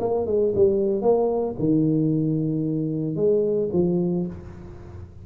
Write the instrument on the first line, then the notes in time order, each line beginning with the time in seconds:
tuba
0.00 A#3
0.27 G#3
0.55 G3
1.02 A#3
1.59 D#3
3.16 G#3
3.73 F3